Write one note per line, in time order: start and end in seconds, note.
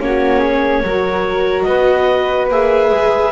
0.00 0.83 A#3
0.00 0.84 C#4
0.00 0.40 F#4
0.00 1.63 C#5
0.40 0.81 G#4
0.83 1.66 F#3
0.83 2.50 F#4
0.83 1.68 A#4
1.63 2.49 B3
1.63 3.32 B4
1.63 2.46 D#5
2.49 2.91 A#3
2.49 3.32 G#4
2.49 3.32 E5
2.91 3.32 G#3